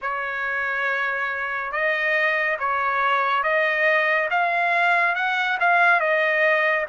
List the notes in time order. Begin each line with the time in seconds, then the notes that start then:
0.01 C#5
1.71 D#5
2.59 C#5
3.43 D#5
4.30 F5
5.15 F#5
5.59 F5
6.00 D#5